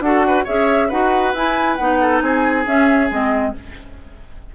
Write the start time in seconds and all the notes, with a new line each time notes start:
0.00 D4 F#4 A4 F#5
0.27 B4
0.44 C#4 G#4 C#5 E5
0.88 D#4 F#4 B4 F#5
1.34 E4 G#5
1.76 B3 D#4 F#5
2.01 A4
2.21 C4 G#4 G#5
2.66 C#4 E5
3.10 G#3 C4 D#5